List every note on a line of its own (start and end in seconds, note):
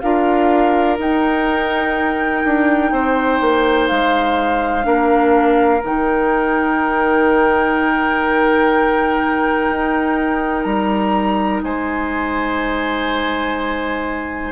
0.00 0.99 D4
0.00 0.98 F4
0.00 2.92 A#4
0.00 0.97 F5
0.98 4.82 D#4
0.98 2.44 D#4
0.98 3.88 G5
2.44 2.91 D4
2.91 3.40 C4
2.91 4.86 C5
3.40 3.89 A#3
3.88 4.85 G#3
3.88 5.81 F5
4.82 5.81 A#3
4.82 5.79 D4
4.82 11.64 A#4
5.83 9.70 D#3
5.83 14.52 D#4
5.83 10.63 G5
9.70 10.64 D#4
10.63 11.61 G3
10.63 11.60 A#5
11.63 14.52 G#3
11.63 14.52 C5
11.63 14.52 G#5